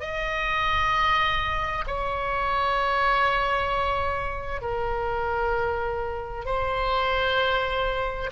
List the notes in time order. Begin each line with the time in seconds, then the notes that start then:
0.00 D#5
1.87 C#5
4.61 A#4
6.45 C5